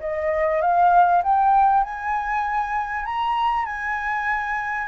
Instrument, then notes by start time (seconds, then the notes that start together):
flute
0.00 D#5
0.61 F5
1.23 G5
1.84 G#5
3.05 A#5
3.66 G#5